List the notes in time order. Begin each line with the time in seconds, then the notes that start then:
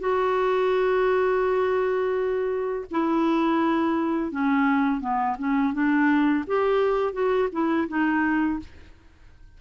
0.00 F#4
2.91 E4
4.31 C#4
5.01 B3
5.39 C#4
5.74 D4
6.47 G4
7.13 F#4
7.53 E4
7.88 D#4